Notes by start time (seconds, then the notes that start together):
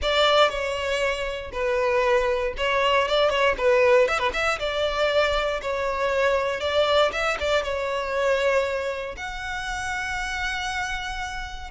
0.02 D5
0.49 C#5
1.52 B4
2.57 C#5
3.07 D5
3.29 C#5
3.57 B4
4.08 E5
4.18 B4
4.33 E5
4.59 D5
5.61 C#5
6.60 D5
7.12 E5
7.40 D5
7.63 C#5
9.16 F#5